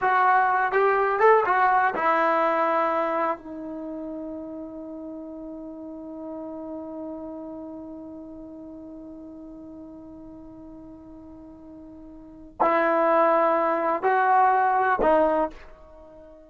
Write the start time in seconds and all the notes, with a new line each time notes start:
0.01 F#4
0.72 G4
1.19 A4
1.46 F#4
1.95 E4
3.38 D#4
12.60 E4
14.02 F#4
15.01 D#4